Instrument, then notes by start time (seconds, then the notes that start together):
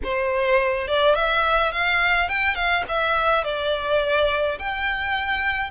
violin
0.03 C5
0.87 D5
1.14 E5
1.71 F5
2.28 G5
2.55 F5
2.88 E5
3.44 D5
4.58 G5